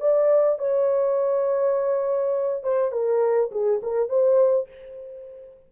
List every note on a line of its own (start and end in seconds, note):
0.00 0.59 D5
0.59 2.64 C#5
2.64 2.92 C5
2.92 3.51 A#4
3.51 3.81 G#4
3.83 4.09 A#4
4.09 4.68 C5